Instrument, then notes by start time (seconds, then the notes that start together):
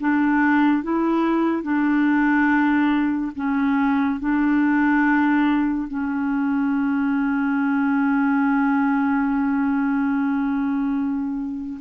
clarinet
0.00 D4
0.83 E4
1.62 D4
3.35 C#4
4.19 D4
5.88 C#4